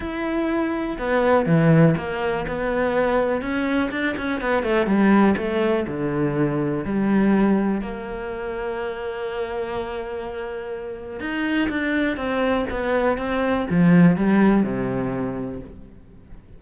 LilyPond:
\new Staff \with { instrumentName = "cello" } { \time 4/4 \tempo 4 = 123 e'2 b4 e4 | ais4 b2 cis'4 | d'8 cis'8 b8 a8 g4 a4 | d2 g2 |
ais1~ | ais2. dis'4 | d'4 c'4 b4 c'4 | f4 g4 c2 | }